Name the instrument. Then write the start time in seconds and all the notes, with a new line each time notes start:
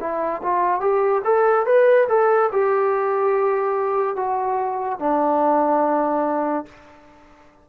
trombone
0.00 E4
0.43 F4
0.80 G4
1.25 A4
1.66 B4
2.09 A4
2.52 G4
4.16 F#4
4.99 D4